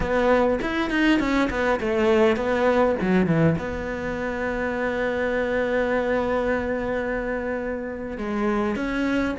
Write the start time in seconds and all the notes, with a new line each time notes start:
0.00 B3
0.61 E4
0.90 D#4
1.19 C#4
1.50 B3
1.80 A3
2.36 B3
3.01 F#3
3.26 E3
3.58 B3
8.17 G#3
8.75 C#4